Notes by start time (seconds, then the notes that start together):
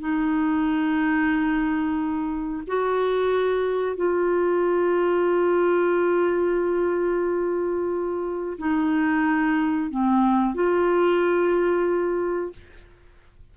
0.00 D#4
2.67 F#4
3.96 F4
8.59 D#4
9.91 C4
10.55 F4